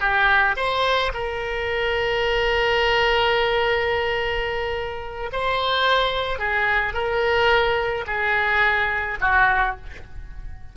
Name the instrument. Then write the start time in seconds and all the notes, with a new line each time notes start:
oboe
0.00 G4
0.57 C5
1.13 A#4
5.32 C5
6.39 G#4
6.94 A#4
8.07 G#4
9.21 F#4